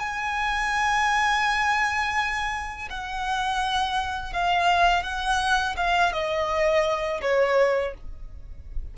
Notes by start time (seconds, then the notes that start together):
0.00 G#5
2.90 F#5
4.33 F5
5.03 F#5
5.77 F5
6.13 D#5
7.22 C#5